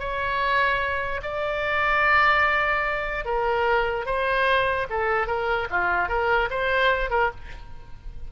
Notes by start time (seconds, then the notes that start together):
0.00 C#5
1.23 D5
3.26 A#4
4.07 C5
4.90 A4
5.27 A#4
5.71 F4
6.09 A#4
6.51 C5
7.11 A#4